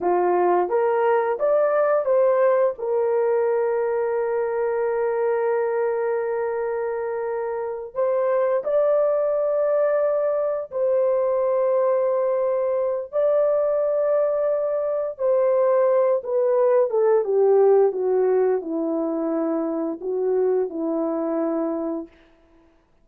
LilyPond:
\new Staff \with { instrumentName = "horn" } { \time 4/4 \tempo 4 = 87 f'4 ais'4 d''4 c''4 | ais'1~ | ais'2.~ ais'8 c''8~ | c''8 d''2. c''8~ |
c''2. d''4~ | d''2 c''4. b'8~ | b'8 a'8 g'4 fis'4 e'4~ | e'4 fis'4 e'2 | }